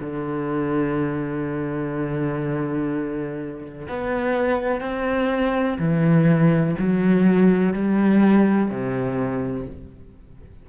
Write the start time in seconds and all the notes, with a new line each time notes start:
0.00 D3
3.88 B3
4.80 C4
5.78 E3
6.78 F#3
7.73 G3
8.70 C3